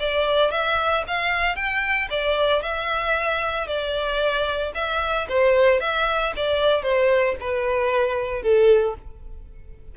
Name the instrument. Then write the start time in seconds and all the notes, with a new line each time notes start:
violin
0.00 D5
0.51 E5
1.07 F5
1.56 G5
2.10 D5
2.62 E5
3.67 D5
4.75 E5
5.29 C5
5.80 E5
6.36 D5
6.83 C5
7.40 B4
8.43 A4